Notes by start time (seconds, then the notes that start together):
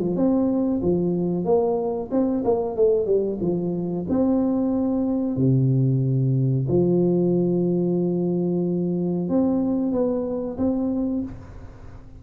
0.00 F3
0.16 C4
0.83 F3
1.45 A#3
2.12 C4
2.45 A#3
2.77 A3
3.07 G3
3.41 F3
4.10 C4
5.37 C3
6.69 F3
9.29 C4
9.92 B3
10.58 C4